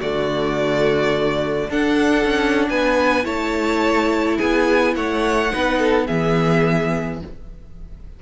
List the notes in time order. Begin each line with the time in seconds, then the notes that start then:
0.00 D3 A3 F#4 D5
1.70 D4 A4 F#5
2.25 C#4
2.69 B3 B4 G#5
3.23 A3 E4 C#5 A5
4.37 B3 G#4 G#5
4.96 A3 C#5 F#5
5.50 B3 D#4 B4
5.79 A4
6.07 E3 B3 G#4 E5